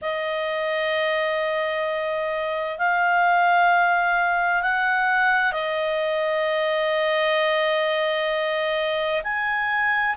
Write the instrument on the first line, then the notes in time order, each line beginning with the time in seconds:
clarinet
0.01 D#5
2.78 F5
4.62 F#5
5.52 D#5
9.23 G#5